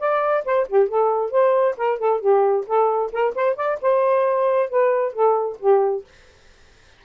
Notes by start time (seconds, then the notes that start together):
0.00 D5
0.45 C5
0.68 G4
0.89 A4
1.31 C5
1.78 A#4
1.99 A4
2.21 G4
2.67 A4
3.13 A#4
3.35 C5
3.56 D5
3.82 C5
4.70 B4
5.13 A4
5.60 G4